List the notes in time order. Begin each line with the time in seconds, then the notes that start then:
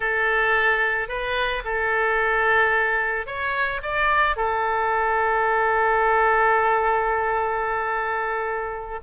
0.00 A4
1.08 B4
1.64 A4
3.26 C#5
3.82 D5
4.36 A4